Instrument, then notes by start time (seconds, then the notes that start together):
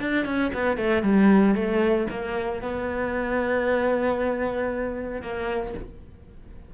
cello
0.00 D4
0.25 C#4
0.54 B3
0.77 A3
1.03 G3
1.55 A3
2.10 A#3
2.62 B3
5.22 A#3